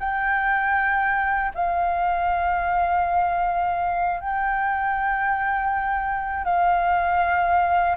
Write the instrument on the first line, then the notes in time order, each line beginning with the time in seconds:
flute
0.00 G5
1.55 F5
4.21 G5
6.45 F5